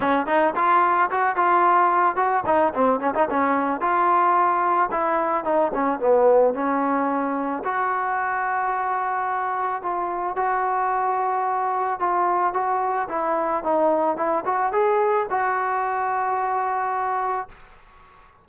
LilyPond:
\new Staff \with { instrumentName = "trombone" } { \time 4/4 \tempo 4 = 110 cis'8 dis'8 f'4 fis'8 f'4. | fis'8 dis'8 c'8 cis'16 dis'16 cis'4 f'4~ | f'4 e'4 dis'8 cis'8 b4 | cis'2 fis'2~ |
fis'2 f'4 fis'4~ | fis'2 f'4 fis'4 | e'4 dis'4 e'8 fis'8 gis'4 | fis'1 | }